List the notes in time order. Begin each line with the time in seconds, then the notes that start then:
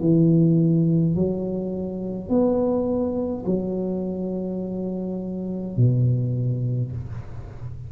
0.00 E3
1.15 F#3
2.29 B3
3.46 F#3
5.76 B2